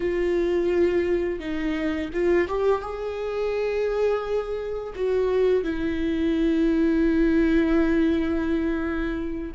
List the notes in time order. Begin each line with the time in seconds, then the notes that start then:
0.00 F4
1.39 D#4
2.13 F4
2.47 G4
2.81 G#4
4.95 F#4
5.63 E4